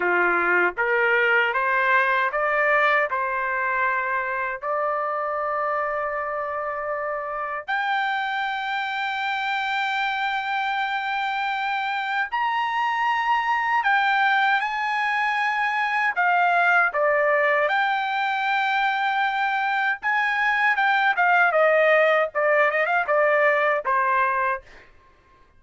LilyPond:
\new Staff \with { instrumentName = "trumpet" } { \time 4/4 \tempo 4 = 78 f'4 ais'4 c''4 d''4 | c''2 d''2~ | d''2 g''2~ | g''1 |
ais''2 g''4 gis''4~ | gis''4 f''4 d''4 g''4~ | g''2 gis''4 g''8 f''8 | dis''4 d''8 dis''16 f''16 d''4 c''4 | }